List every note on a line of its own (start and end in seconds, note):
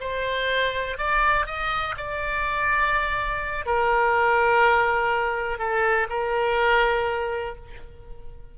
0.00 0.98 C5
0.98 1.46 D5
1.46 1.95 D#5
1.97 3.65 D5
3.65 5.58 A#4
5.58 6.07 A4
6.09 7.55 A#4